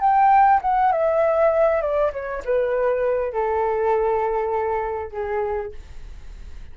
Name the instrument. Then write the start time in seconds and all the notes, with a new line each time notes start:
flute
0.00 G5
0.61 F#5
0.92 E5
1.82 D5
2.12 C#5
2.45 B4
3.33 A4
5.12 G#4